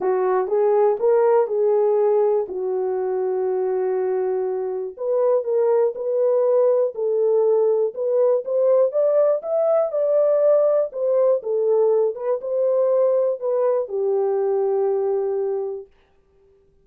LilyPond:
\new Staff \with { instrumentName = "horn" } { \time 4/4 \tempo 4 = 121 fis'4 gis'4 ais'4 gis'4~ | gis'4 fis'2.~ | fis'2 b'4 ais'4 | b'2 a'2 |
b'4 c''4 d''4 e''4 | d''2 c''4 a'4~ | a'8 b'8 c''2 b'4 | g'1 | }